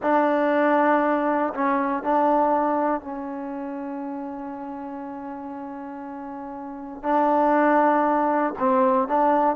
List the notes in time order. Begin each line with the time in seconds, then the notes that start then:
0.02 D4
1.54 C#4
2.03 D4
3.01 C#4
7.02 D4
8.59 C4
9.08 D4